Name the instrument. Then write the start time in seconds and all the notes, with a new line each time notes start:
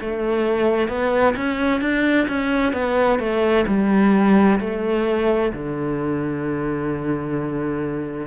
cello
0.00 A3
0.88 B3
1.36 C#4
1.80 D4
2.27 C#4
2.73 B3
3.19 A3
3.67 G3
4.59 A3
5.53 D3